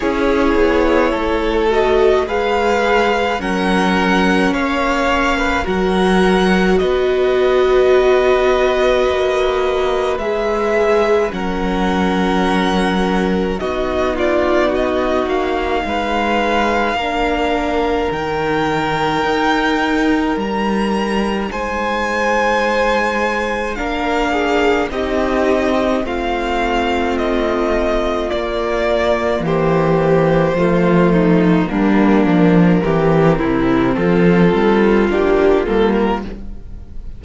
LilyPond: <<
  \new Staff \with { instrumentName = "violin" } { \time 4/4 \tempo 4 = 53 cis''4. dis''8 f''4 fis''4 | f''4 fis''4 dis''2~ | dis''4 e''4 fis''2 | dis''8 d''8 dis''8 f''2~ f''8 |
g''2 ais''4 gis''4~ | gis''4 f''4 dis''4 f''4 | dis''4 d''4 c''2 | ais'2 a'4 g'8 a'16 ais'16 | }
  \new Staff \with { instrumentName = "violin" } { \time 4/4 gis'4 a'4 b'4 ais'4 | cis''8. b'16 ais'4 b'2~ | b'2 ais'2 | fis'8 f'8 fis'4 b'4 ais'4~ |
ais'2. c''4~ | c''4 ais'8 gis'8 g'4 f'4~ | f'2 g'4 f'8 dis'8 | d'4 g'8 e'8 f'2 | }
  \new Staff \with { instrumentName = "viola" } { \time 4/4 e'4. fis'8 gis'4 cis'4~ | cis'4 fis'2.~ | fis'4 gis'4 cis'2 | dis'2. d'4 |
dis'1~ | dis'4 d'4 dis'4 c'4~ | c'4 ais2 a4 | ais4 c'2 d'8 ais8 | }
  \new Staff \with { instrumentName = "cello" } { \time 4/4 cis'8 b8 a4 gis4 fis4 | ais4 fis4 b2 | ais4 gis4 fis2 | b4. ais8 gis4 ais4 |
dis4 dis'4 g4 gis4~ | gis4 ais4 c'4 a4~ | a4 ais4 e4 f4 | g8 f8 e8 c8 f8 g8 ais8 g8 | }
>>